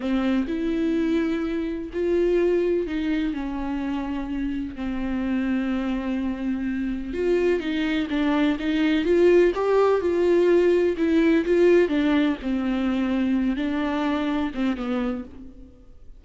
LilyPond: \new Staff \with { instrumentName = "viola" } { \time 4/4 \tempo 4 = 126 c'4 e'2. | f'2 dis'4 cis'4~ | cis'2 c'2~ | c'2. f'4 |
dis'4 d'4 dis'4 f'4 | g'4 f'2 e'4 | f'4 d'4 c'2~ | c'8 d'2 c'8 b4 | }